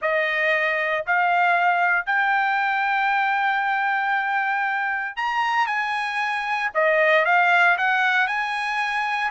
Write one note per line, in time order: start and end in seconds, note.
0.01 1.05 D#5
1.06 2.05 F5
2.05 5.16 G5
5.16 5.66 A#5
5.66 6.70 G#5
6.74 7.25 D#5
7.25 7.76 F5
7.77 8.27 F#5
8.27 9.30 G#5